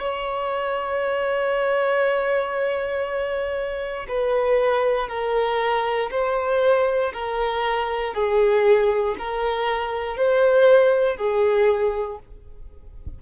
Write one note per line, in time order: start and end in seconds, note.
0.00 4.07 C#5
4.08 5.08 B4
5.08 6.10 A#4
6.11 7.12 C5
7.13 8.14 A#4
8.14 9.15 G#4
9.18 10.16 A#4
10.16 11.16 C5
11.16 12.18 G#4